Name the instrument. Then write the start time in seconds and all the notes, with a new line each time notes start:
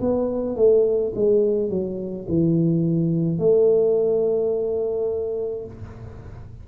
tuba
0.00 B3
0.56 A3
1.15 G#3
1.70 F#3
2.28 E3
3.39 A3